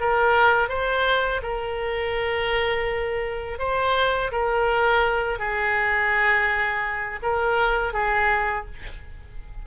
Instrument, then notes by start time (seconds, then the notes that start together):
oboe
0.00 A#4
0.69 C5
1.43 A#4
3.59 C5
4.32 A#4
5.39 G#4
7.23 A#4
7.94 G#4